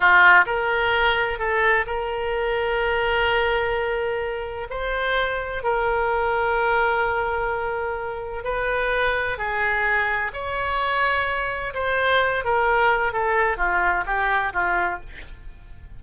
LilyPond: \new Staff \with { instrumentName = "oboe" } { \time 4/4 \tempo 4 = 128 f'4 ais'2 a'4 | ais'1~ | ais'2 c''2 | ais'1~ |
ais'2 b'2 | gis'2 cis''2~ | cis''4 c''4. ais'4. | a'4 f'4 g'4 f'4 | }